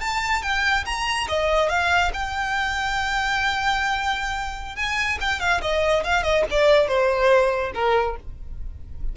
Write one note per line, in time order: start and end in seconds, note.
0.00 0.42 A5
0.42 0.85 G5
0.85 1.28 A#5
1.28 1.69 D#5
1.69 2.11 F5
2.13 4.76 G5
4.76 5.18 G#5
5.21 5.40 G5
5.40 5.61 F5
5.61 6.03 D#5
6.04 6.23 F5
6.23 6.44 D#5
6.51 6.88 D5
6.88 7.72 C5
7.74 8.16 A#4